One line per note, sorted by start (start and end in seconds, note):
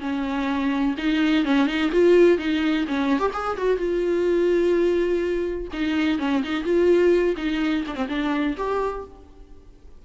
0.00 0.95 C#4
0.98 1.45 D#4
1.45 1.67 C#4
1.67 1.90 D#4
1.92 2.38 F4
2.38 2.86 D#4
2.88 3.19 C#4
3.19 3.31 G4
3.34 3.57 G#4
3.58 3.77 F#4
3.77 5.68 F4
5.73 6.19 D#4
6.19 6.43 C#4
6.44 6.64 D#4
6.64 7.35 F4
7.37 7.85 D#4
7.87 7.95 D4
7.95 8.07 C4
8.09 8.56 D4
8.57 9.05 G4